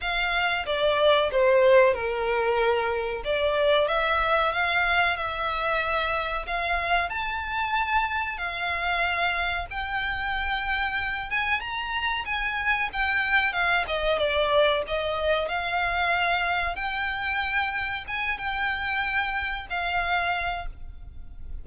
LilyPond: \new Staff \with { instrumentName = "violin" } { \time 4/4 \tempo 4 = 93 f''4 d''4 c''4 ais'4~ | ais'4 d''4 e''4 f''4 | e''2 f''4 a''4~ | a''4 f''2 g''4~ |
g''4. gis''8 ais''4 gis''4 | g''4 f''8 dis''8 d''4 dis''4 | f''2 g''2 | gis''8 g''2 f''4. | }